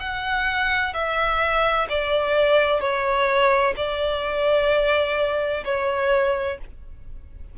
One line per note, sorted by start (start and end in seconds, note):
0.00 0.94 F#5
0.94 1.88 E5
1.89 2.81 D5
2.81 3.75 C#5
3.77 5.64 D5
5.65 6.58 C#5